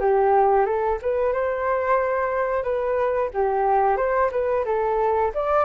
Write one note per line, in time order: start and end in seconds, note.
0.00 0.65 G4
0.65 0.98 A4
1.02 1.32 B4
1.32 2.63 C5
2.63 3.30 B4
3.33 3.97 G4
3.97 4.30 C5
4.31 4.65 B4
4.65 5.32 A4
5.34 5.65 D5